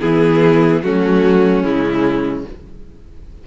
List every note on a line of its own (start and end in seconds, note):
0.00 0.82 E3
0.00 0.82 B3
0.00 0.82 E4
0.00 0.81 G#4
0.82 1.63 F#3
0.82 1.63 A3
0.82 2.46 C#4
0.82 1.63 F#4
1.63 2.44 C#3
1.63 2.44 G#3
1.63 2.44 E4